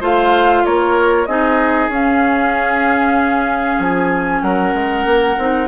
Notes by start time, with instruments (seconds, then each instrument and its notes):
0.00 bassoon A3, clarinet F4, oboe C5, flute F5
0.65 bassoon A#3, oboe A#4, flute C#5
1.26 bassoon C4, clarinet D#4, oboe G#4, flute D#5
1.88 bassoon C#4, clarinet C#4, flute F5
3.79 bassoon F3, flute G#5
4.42 bassoon F#3, oboe A#4, flute F#5
4.74 bassoon G#3
5.05 bassoon A#3
5.38 bassoon C4, clarinet D#4